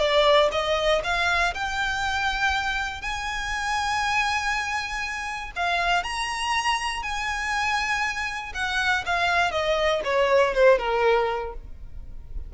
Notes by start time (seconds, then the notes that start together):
0.00 D5
0.52 D#5
1.04 F5
1.55 G5
3.02 G#5
5.56 F5
6.04 A#5
7.03 G#5
8.55 F#5
9.06 F5
9.52 D#5
10.05 C#5
10.55 C5
10.79 A#4